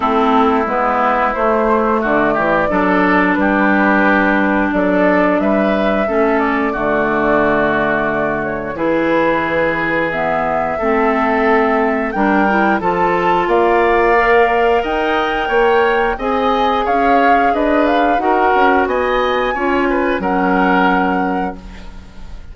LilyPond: <<
  \new Staff \with { instrumentName = "flute" } { \time 4/4 \tempo 4 = 89 a'4 b'4 c''4 d''4~ | d''4 b'2 d''4 | e''4. d''2~ d''8~ | d''8 cis''8 b'2 e''4~ |
e''2 g''4 a''4 | f''2 g''2 | gis''4 f''4 dis''8 f''8 fis''4 | gis''2 fis''2 | }
  \new Staff \with { instrumentName = "oboe" } { \time 4/4 e'2. fis'8 g'8 | a'4 g'2 a'4 | b'4 a'4 fis'2~ | fis'4 gis'2. |
a'2 ais'4 a'4 | d''2 dis''4 cis''4 | dis''4 cis''4 b'4 ais'4 | dis''4 cis''8 b'8 ais'2 | }
  \new Staff \with { instrumentName = "clarinet" } { \time 4/4 c'4 b4 a2 | d'1~ | d'4 cis'4 a2~ | a4 e'2 b4 |
c'2 d'8 e'8 f'4~ | f'4 ais'2. | gis'2. fis'4~ | fis'4 f'4 cis'2 | }
  \new Staff \with { instrumentName = "bassoon" } { \time 4/4 a4 gis4 a4 d8 e8 | fis4 g2 fis4 | g4 a4 d2~ | d4 e2. |
a2 g4 f4 | ais2 dis'4 ais4 | c'4 cis'4 d'4 dis'8 cis'8 | b4 cis'4 fis2 | }
>>